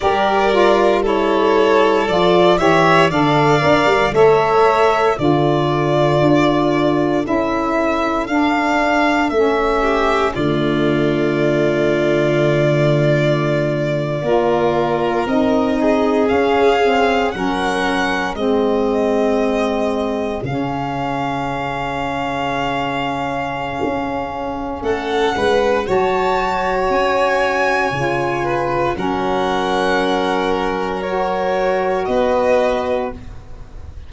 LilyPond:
<<
  \new Staff \with { instrumentName = "violin" } { \time 4/4 \tempo 4 = 58 d''4 cis''4 d''8 e''8 f''4 | e''4 d''2 e''4 | f''4 e''4 d''2~ | d''2~ d''8. dis''4 f''16~ |
f''8. fis''4 dis''2 f''16~ | f''1 | fis''4 a''4 gis''2 | fis''2 cis''4 dis''4 | }
  \new Staff \with { instrumentName = "violin" } { \time 4/4 ais'4 a'4. cis''8 d''4 | cis''4 a'2.~ | a'4. g'8 f'2~ | f'4.~ f'16 ais'4. gis'8.~ |
gis'8. ais'4 gis'2~ gis'16~ | gis'1 | a'8 b'8 cis''2~ cis''8 b'8 | ais'2. b'4 | }
  \new Staff \with { instrumentName = "saxophone" } { \time 4/4 g'8 f'8 e'4 f'8 g'8 a'8 ais'8 | a'4 f'2 e'4 | d'4 cis'4 a2~ | a4.~ a16 f'4 dis'4 cis'16~ |
cis'16 c'8 cis'4 c'2 cis'16~ | cis'1~ | cis'4 fis'2 f'4 | cis'2 fis'2 | }
  \new Staff \with { instrumentName = "tuba" } { \time 4/4 g2 f8 e8 d8 d'16 g16 | a4 d4 d'4 cis'4 | d'4 a4 d2~ | d4.~ d16 ais4 c'4 cis'16~ |
cis'8. fis4 gis2 cis16~ | cis2. cis'4 | a8 gis8 fis4 cis'4 cis4 | fis2. b4 | }
>>